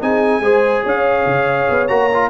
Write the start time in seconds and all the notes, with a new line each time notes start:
0.00 C4 D#4 G#4 G#5
0.40 G#3 G#4 C5
0.83 C#4 C#5 F5
1.26 C#3
1.69 B3
1.87 A#3 F#4 A#5
2.14 F4